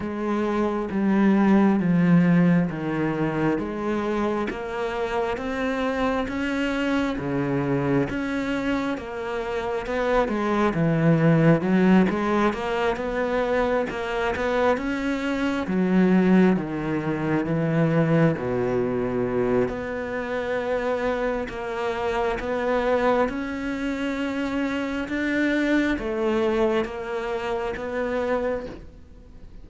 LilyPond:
\new Staff \with { instrumentName = "cello" } { \time 4/4 \tempo 4 = 67 gis4 g4 f4 dis4 | gis4 ais4 c'4 cis'4 | cis4 cis'4 ais4 b8 gis8 | e4 fis8 gis8 ais8 b4 ais8 |
b8 cis'4 fis4 dis4 e8~ | e8 b,4. b2 | ais4 b4 cis'2 | d'4 a4 ais4 b4 | }